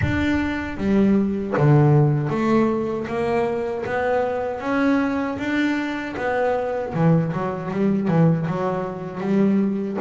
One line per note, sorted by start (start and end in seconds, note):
0.02 0.77 D4
0.77 1.54 G3
1.57 2.29 D3
2.29 3.06 A3
3.07 3.84 A#3
3.85 4.60 B3
4.60 5.37 C#4
5.38 6.15 D4
6.16 6.93 B3
6.93 7.32 E3
7.32 7.71 F#3
7.71 8.08 G3
8.08 8.46 E3
8.47 9.20 F#3
9.20 9.97 G3